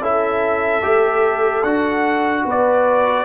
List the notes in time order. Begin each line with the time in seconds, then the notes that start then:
0.00 C#4 E4 A4 E5
0.83 A3 G4
1.64 D4 F#4 F#5
2.45 B3 B4 D5